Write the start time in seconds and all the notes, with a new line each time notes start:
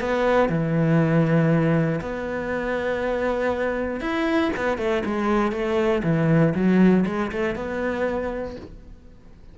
0.00 B3
0.48 E3
2.01 B3
4.00 E4
4.56 B3
4.77 A3
5.05 G#3
5.51 A3
6.03 E3
6.54 F#3
7.06 G#3
7.31 A3
7.55 B3